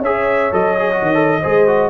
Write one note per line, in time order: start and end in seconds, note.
0.00 0.52 C#4
0.00 0.52 G#4
0.00 1.40 C#5
0.00 0.54 E5
0.52 1.02 F#3
0.52 0.78 A4
0.52 1.90 D#5
0.79 0.92 G#4
0.93 1.15 F#4
1.02 1.40 D#3
1.15 1.40 A4
1.41 1.90 G#3
1.41 1.68 G#4
1.41 1.90 C5
1.68 1.90 F#4